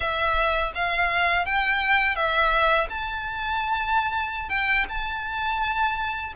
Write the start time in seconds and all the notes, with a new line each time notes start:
0.00 E5
0.74 F5
1.45 G5
2.15 E5
2.89 A5
4.49 G5
4.88 A5